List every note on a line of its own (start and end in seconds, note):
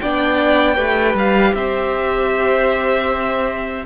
0.00 0.77 B3
0.00 0.75 D4
0.00 0.75 D5
0.00 1.15 G5
0.75 1.14 A3
0.75 3.83 G4
0.75 1.52 B4
1.14 1.52 G3
1.14 1.54 F5
1.54 3.84 C4
1.54 3.86 C5
1.54 3.85 E5